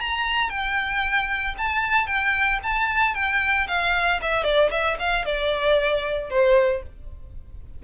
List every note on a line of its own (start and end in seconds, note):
0.00 0.50 A#5
0.50 1.55 G5
1.58 2.06 A5
2.06 2.59 G5
2.63 3.14 A5
3.14 3.67 G5
3.67 4.20 F5
4.22 4.44 E5
4.44 4.70 D5
4.71 4.97 E5
4.99 5.25 F5
5.25 6.30 D5
6.30 6.83 C5